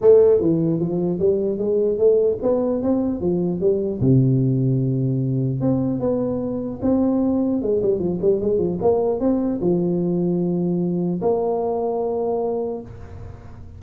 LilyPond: \new Staff \with { instrumentName = "tuba" } { \time 4/4 \tempo 4 = 150 a4 e4 f4 g4 | gis4 a4 b4 c'4 | f4 g4 c2~ | c2 c'4 b4~ |
b4 c'2 gis8 g8 | f8 g8 gis8 f8 ais4 c'4 | f1 | ais1 | }